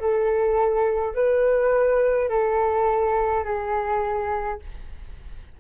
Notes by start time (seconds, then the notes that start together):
0.00 A4
1.15 B4
2.29 A4
3.45 G#4